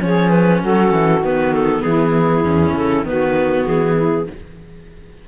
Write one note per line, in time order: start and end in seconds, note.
0.00 0.63 F3
0.00 1.21 C#4
0.00 0.59 G#4
0.00 0.30 C#5
0.30 0.60 B4
0.59 0.92 F#3
0.59 1.81 F#4
0.59 1.24 A4
0.92 1.21 E3
1.21 1.82 D#3
1.21 2.44 B3
1.21 1.54 B4
1.54 1.82 A4
1.82 2.44 E3
1.82 3.06 E4
1.82 2.73 G#4
2.44 2.74 E2
2.44 3.05 C#4
2.74 3.03 C#3
2.74 3.06 A4
3.03 3.64 D#3
3.03 4.26 B3
3.03 3.94 F#4
3.03 3.67 B4
3.67 4.28 E3
3.67 4.27 G#4
3.94 4.25 E4